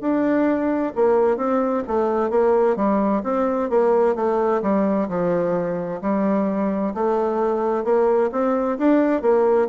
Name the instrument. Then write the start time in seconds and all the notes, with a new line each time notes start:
bassoon
0.00 D4
0.95 A#3
1.36 C4
1.87 A3
2.30 A#3
2.76 G3
3.23 C4
3.69 A#3
4.15 A3
4.62 G3
5.09 F3
6.01 G3
6.94 A3
7.84 A#3
8.31 C4
8.78 D4
9.21 A#3